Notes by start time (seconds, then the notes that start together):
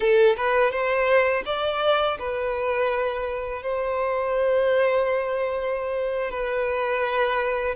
0.00 A4
0.36 B4
0.71 C5
1.45 D5
2.19 B4
3.62 C5
6.31 B4